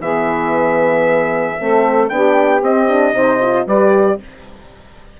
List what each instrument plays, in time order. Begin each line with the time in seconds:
0.00 bassoon E3, horn B3, saxophone G#4, trumpet E5
1.59 bassoon A3, horn C4, saxophone A4
2.09 bassoon B3, horn D4, saxophone G4, trumpet G5
2.62 bassoon C4, horn C4, trumpet D#5
2.87 horn D4
3.12 bassoon C3, horn D#4, saxophone C5
3.41 horn F4
3.66 bassoon G3, horn G4, saxophone B4, trumpet D5